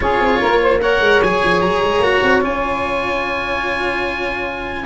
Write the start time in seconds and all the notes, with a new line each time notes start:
0.00 C#4 F4 G#4 C#5
0.20 C4
0.40 A#3 A#4
0.61 C5
0.80 A#4 C#5 F#5
1.00 G#3
1.21 F#3 G#4 G#5
1.43 F3
1.61 F#3 A#5
1.82 G#3
1.99 A#3 F#4
2.22 C4
2.41 C#4 F4 G#5